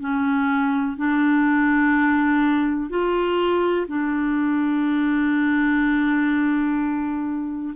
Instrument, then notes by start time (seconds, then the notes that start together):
clarinet
0.00 C#4
0.97 D4
2.89 F4
3.87 D4